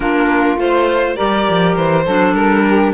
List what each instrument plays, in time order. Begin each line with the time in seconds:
0.00 cello A#3, clarinet D4, saxophone F4, violin A#4
0.56 cello A3, clarinet F4, violin C5
1.16 cello G3, clarinet G4, saxophone A#4, violin D5
1.49 cello F3
1.76 cello E3, violin C5
2.04 cello F#3, clarinet D4, saxophone A4
2.33 cello G3, violin A#4
2.64 saxophone G4